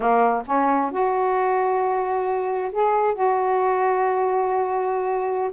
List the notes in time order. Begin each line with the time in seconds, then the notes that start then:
0.00 A#3
0.46 C#4
0.91 F#4
2.72 G#4
3.14 F#4